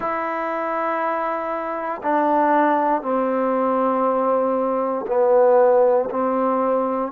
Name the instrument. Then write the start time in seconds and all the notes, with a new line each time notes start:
trombone
0.00 E4
2.02 D4
3.02 C4
5.07 B3
6.10 C4